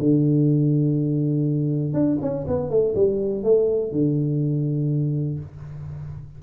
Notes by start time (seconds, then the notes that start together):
0.00 D3
1.94 D4
2.22 C#4
2.48 B3
2.70 A3
2.96 G3
3.44 A3
3.92 D3